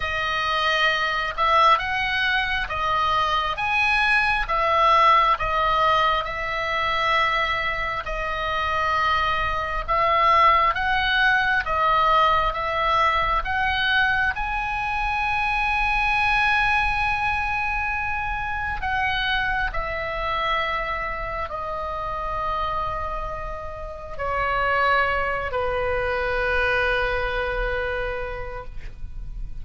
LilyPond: \new Staff \with { instrumentName = "oboe" } { \time 4/4 \tempo 4 = 67 dis''4. e''8 fis''4 dis''4 | gis''4 e''4 dis''4 e''4~ | e''4 dis''2 e''4 | fis''4 dis''4 e''4 fis''4 |
gis''1~ | gis''4 fis''4 e''2 | dis''2. cis''4~ | cis''8 b'2.~ b'8 | }